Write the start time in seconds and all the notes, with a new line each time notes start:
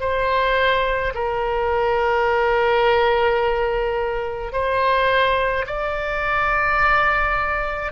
0.00 C5
1.15 A#4
4.52 C5
5.67 D5